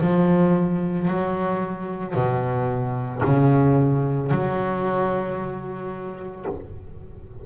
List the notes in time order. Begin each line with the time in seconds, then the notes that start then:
0.00 F3
1.08 F#3
2.14 B2
3.24 C#3
4.31 F#3